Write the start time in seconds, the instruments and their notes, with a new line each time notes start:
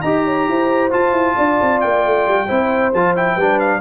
0.00 tuba D#4, trombone G4, horn D#5, trumpet A#5
0.25 horn C#5
0.48 tuba E4, horn C5
0.91 trombone F4, tuba F4, trumpet A5
1.12 tuba E4
1.36 tuba D4, horn D5
1.61 tuba C4
1.81 tuba A#3, trumpet G5
2.05 tuba A3
2.27 tuba G3
2.47 tuba C4, trombone E4, horn C5
2.94 tuba F3, trombone F4, trumpet A5
3.16 trombone E4, trumpet G5
3.35 tuba G3, trombone D4, horn B4
3.60 trumpet F5